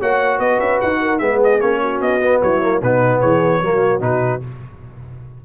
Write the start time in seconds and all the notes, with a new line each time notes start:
0.00 A#3 F#4 C#5 F#5
0.39 B3 B4 D#5
0.59 C#4 E5
0.81 D#4 F#5
1.01 A#4
1.18 G#3 B3 G#4 E5
1.43 D#5
1.60 A#3 C#4 C#5
1.82 F#4
2.01 B3 D#5
2.22 B3
2.41 F#3 E4 C#5
2.62 A#3
2.81 B2 B3 D#4 B4
3.20 E3 G#4 C#5
3.62 F#3 A#3 F#4
4.00 B2 D#4 B4